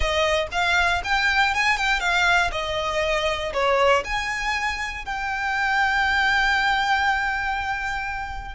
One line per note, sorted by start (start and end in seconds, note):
0.00 0.47 D#5
0.51 1.02 F5
1.04 1.54 G5
1.54 1.77 G#5
1.77 2.00 G5
2.00 2.50 F5
2.51 3.52 D#5
3.53 4.03 C#5
4.04 5.05 G#5
5.05 8.55 G5